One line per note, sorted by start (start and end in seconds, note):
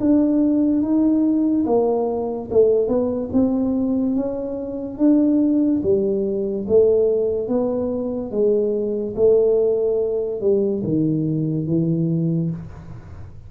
0.00 0.82 D4
0.82 1.65 D#4
1.66 2.49 A#3
2.51 2.88 A3
2.88 3.30 B3
3.33 4.16 C4
4.16 4.98 C#4
4.98 5.81 D4
5.83 6.66 G3
6.68 7.48 A3
7.48 8.31 B3
8.31 9.14 G#3
9.16 10.41 A3
10.41 10.82 G3
10.83 11.67 D#3
11.67 12.50 E3